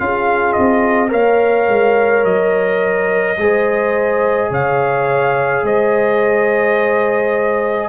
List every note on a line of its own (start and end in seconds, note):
0.00 0.57 C#4
0.00 1.09 F4
0.00 1.11 G#4
0.00 0.53 F5
0.53 1.13 C4
0.53 1.10 D#5
1.09 1.68 A#3
1.09 3.35 A#4
1.09 3.37 C#5
1.09 2.25 F5
1.68 2.25 G#3
2.25 3.38 F#3
2.25 4.51 D#5
3.38 4.51 G#3
3.38 7.90 G#4
3.38 4.51 C5
4.51 5.63 C#3
4.51 5.64 C#5
4.51 5.67 F5
5.63 7.90 G#3
5.63 7.90 C5
5.63 7.90 D#5